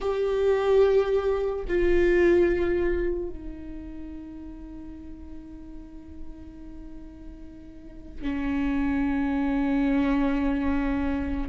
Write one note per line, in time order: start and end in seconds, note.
0.00 1.65 G4
1.68 3.29 F4
3.29 8.22 D#4
8.22 11.49 C#4